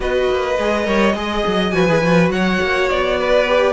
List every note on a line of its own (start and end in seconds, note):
0.00 0.27 B3
0.00 0.55 F#4
0.00 0.86 B4
0.00 1.70 D#5
0.30 0.58 A#3
0.58 0.87 G#3
0.58 0.84 G#4
0.84 1.14 G3
0.84 1.13 A#4
0.84 1.15 C#5
1.14 1.43 G#3
1.14 1.72 G#4
1.14 1.75 D#5
1.46 1.73 F#3
1.70 1.88 F3
1.70 1.86 F#4
1.70 2.32 B4
1.70 2.28 G#5
1.88 2.01 E3
1.88 2.03 G#4
2.01 2.29 F3
2.01 3.47 F#4
2.29 2.58 F#3
2.29 3.19 C#5
2.29 2.89 F#5
2.61 2.90 A#3
2.89 3.72 B3
2.89 3.72 D5
3.19 3.72 B4
3.47 3.72 G4